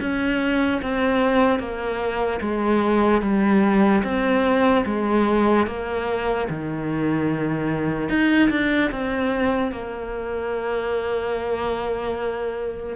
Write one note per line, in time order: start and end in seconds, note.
0.00 0.81 C#4
0.81 1.58 C4
1.58 2.40 A#3
2.41 3.21 G#3
3.21 4.02 G3
4.03 4.84 C4
4.85 5.66 G#3
5.66 6.48 A#3
6.49 8.09 D#3
8.09 8.50 D#4
8.50 8.90 D4
8.91 9.71 C4
9.71 12.96 A#3